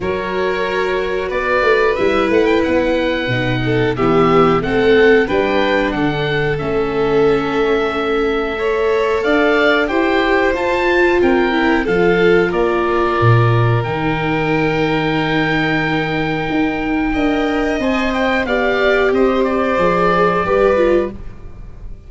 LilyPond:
<<
  \new Staff \with { instrumentName = "oboe" } { \time 4/4 \tempo 4 = 91 cis''2 d''4 e''8 fis''16 g''16 | fis''2 e''4 fis''4 | g''4 fis''4 e''2~ | e''2 f''4 g''4 |
a''4 g''4 f''4 d''4~ | d''4 g''2.~ | g''2. gis''8 g''8 | f''4 dis''8 d''2~ d''8 | }
  \new Staff \with { instrumentName = "violin" } { \time 4/4 ais'2 b'2~ | b'4. a'8 g'4 a'4 | b'4 a'2.~ | a'4 cis''4 d''4 c''4~ |
c''4 ais'4 a'4 ais'4~ | ais'1~ | ais'2 dis''2 | d''4 c''2 b'4 | }
  \new Staff \with { instrumentName = "viola" } { \time 4/4 fis'2. e'4~ | e'4 dis'4 b4 c'4 | d'2 cis'2~ | cis'4 a'2 g'4 |
f'4. e'8 f'2~ | f'4 dis'2.~ | dis'2 ais'4 c''4 | g'2 gis'4 g'8 f'8 | }
  \new Staff \with { instrumentName = "tuba" } { \time 4/4 fis2 b8 a8 g8 a8 | b4 b,4 e4 a4 | g4 d4 a2~ | a2 d'4 e'4 |
f'4 c'4 f4 ais4 | ais,4 dis2.~ | dis4 dis'4 d'4 c'4 | b4 c'4 f4 g4 | }
>>